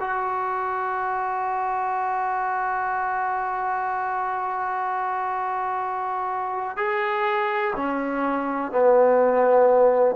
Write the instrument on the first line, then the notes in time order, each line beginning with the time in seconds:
trombone
0.00 F#4
6.77 G#4
7.76 C#4
8.71 B3